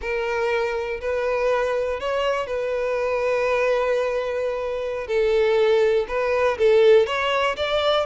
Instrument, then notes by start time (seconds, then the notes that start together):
violin
0.01 A#4
1.00 B4
2.00 C#5
2.47 B4
5.07 A4
6.08 B4
6.58 A4
7.06 C#5
7.56 D5